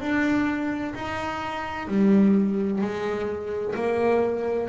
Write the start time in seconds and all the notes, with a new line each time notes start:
0.00 D4
0.94 D#4
1.87 G3
2.81 G#3
3.75 A#3